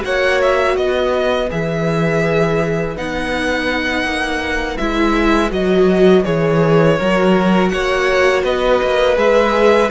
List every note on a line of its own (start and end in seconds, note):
0.00 0.77 A#3
0.00 1.46 F#4
0.00 0.77 C#5
0.00 0.41 F#5
0.41 0.77 E5
0.77 1.50 B3
0.77 6.99 B4
0.77 1.50 D#5
1.50 2.97 E3
1.50 2.96 G#4
1.50 2.98 E5
2.96 4.05 B3
2.96 4.79 D#4
2.96 4.78 F#5
4.05 4.78 A#3
4.78 5.52 G#3
4.78 5.51 E4
4.78 5.51 E5
5.51 6.25 F#3
5.51 6.24 F#4
5.51 6.25 D#5
6.24 6.99 E3
6.24 6.97 G#4
6.24 7.69 C#5
6.99 7.71 F#3
6.99 9.16 F#4
6.99 7.72 A#4
7.69 8.44 A#3
7.69 8.44 C#5
7.69 8.42 F#5
8.44 8.80 B3
8.44 9.91 B4
8.44 9.18 D#5
8.83 9.17 A#3
9.16 9.90 G#3
9.16 9.89 G#4
9.16 9.91 E5